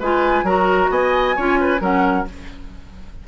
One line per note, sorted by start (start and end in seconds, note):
0.00 0.43 G#3
0.00 0.46 F4
0.00 0.45 B4
0.00 0.47 G#5
0.43 0.89 F#3
0.43 1.37 F#4
0.43 0.91 A#4
0.43 0.92 A#5
0.90 1.36 B3
0.90 1.37 D#5
0.90 1.82 G#5
1.37 1.81 C#4
1.37 1.80 F4
1.37 1.59 C#5
1.61 1.81 B4
1.80 2.26 F#3
1.80 2.26 C#4
1.80 2.27 A#4
1.80 2.28 F#5